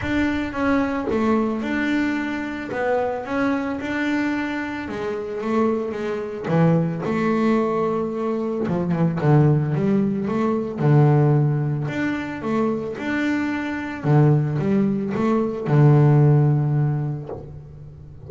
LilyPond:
\new Staff \with { instrumentName = "double bass" } { \time 4/4 \tempo 4 = 111 d'4 cis'4 a4 d'4~ | d'4 b4 cis'4 d'4~ | d'4 gis4 a4 gis4 | e4 a2. |
f8 e8 d4 g4 a4 | d2 d'4 a4 | d'2 d4 g4 | a4 d2. | }